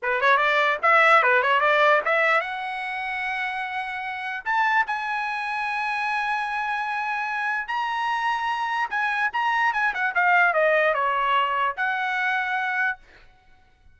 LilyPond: \new Staff \with { instrumentName = "trumpet" } { \time 4/4 \tempo 4 = 148 b'8 cis''8 d''4 e''4 b'8 cis''8 | d''4 e''4 fis''2~ | fis''2. a''4 | gis''1~ |
gis''2. ais''4~ | ais''2 gis''4 ais''4 | gis''8 fis''8 f''4 dis''4 cis''4~ | cis''4 fis''2. | }